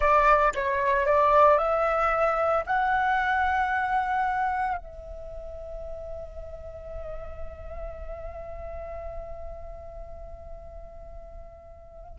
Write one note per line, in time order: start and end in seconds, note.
0.00 0.53 D5
0.54 1.05 C#5
1.05 1.57 D5
1.57 2.64 E5
2.66 4.77 F#5
4.77 12.18 E5